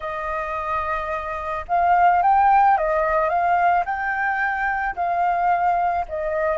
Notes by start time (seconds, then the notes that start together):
0.00 D#5
1.68 F5
2.22 G5
2.77 D#5
3.29 F5
3.85 G5
4.95 F5
6.08 D#5